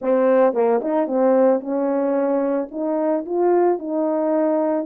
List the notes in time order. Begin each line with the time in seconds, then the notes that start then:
0.01 C4
0.53 A#3
0.81 D#4
1.07 C4
1.60 C#4
2.71 D#4
3.25 F4
3.78 D#4